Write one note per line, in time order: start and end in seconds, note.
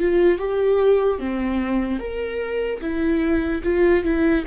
0.00 0.39 F4
0.39 1.19 G4
1.19 2.00 C4
2.00 2.81 A#4
2.81 3.62 E4
3.64 4.04 F4
4.04 4.45 E4